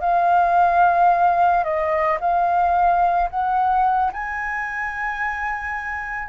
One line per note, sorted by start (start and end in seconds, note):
0.00 1.64 F5
1.64 2.18 D#5
2.20 3.29 F5
3.29 4.11 F#5
4.12 6.28 G#5